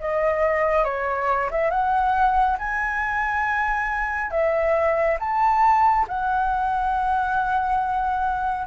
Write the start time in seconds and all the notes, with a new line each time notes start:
0.00 D#5
0.84 C#5
1.51 E5
1.70 F#5
2.58 G#5
4.31 E5
5.19 A5
6.08 F#5